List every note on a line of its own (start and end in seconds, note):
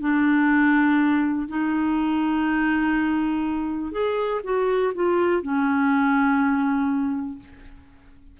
0.00 1.48 D4
1.48 3.91 D#4
3.91 4.41 G#4
4.44 4.93 F#4
4.94 5.42 F4
5.42 7.39 C#4